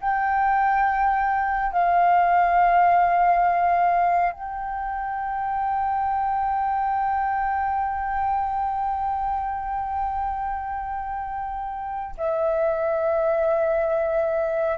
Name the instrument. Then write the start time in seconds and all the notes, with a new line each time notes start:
flute
0.00 G5
1.72 F5
4.32 G5
12.17 E5